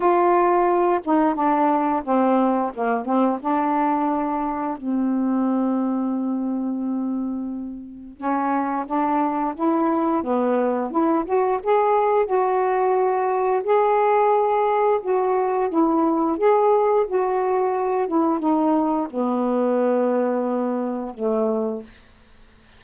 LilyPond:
\new Staff \with { instrumentName = "saxophone" } { \time 4/4 \tempo 4 = 88 f'4. dis'8 d'4 c'4 | ais8 c'8 d'2 c'4~ | c'1 | cis'4 d'4 e'4 b4 |
e'8 fis'8 gis'4 fis'2 | gis'2 fis'4 e'4 | gis'4 fis'4. e'8 dis'4 | b2. a4 | }